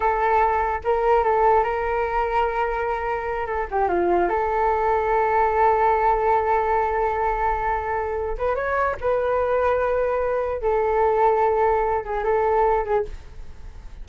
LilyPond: \new Staff \with { instrumentName = "flute" } { \time 4/4 \tempo 4 = 147 a'2 ais'4 a'4 | ais'1~ | ais'8 a'8 g'8 f'4 a'4.~ | a'1~ |
a'1~ | a'8 b'8 cis''4 b'2~ | b'2 a'2~ | a'4. gis'8 a'4. gis'8 | }